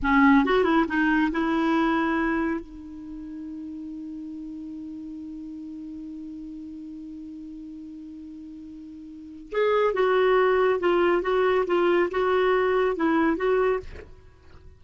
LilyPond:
\new Staff \with { instrumentName = "clarinet" } { \time 4/4 \tempo 4 = 139 cis'4 fis'8 e'8 dis'4 e'4~ | e'2 dis'2~ | dis'1~ | dis'1~ |
dis'1~ | dis'2 gis'4 fis'4~ | fis'4 f'4 fis'4 f'4 | fis'2 e'4 fis'4 | }